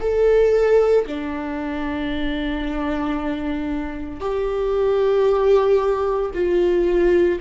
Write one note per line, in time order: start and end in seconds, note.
0.00 1.05 A4
1.07 4.20 D4
4.20 6.31 G4
6.33 7.39 F4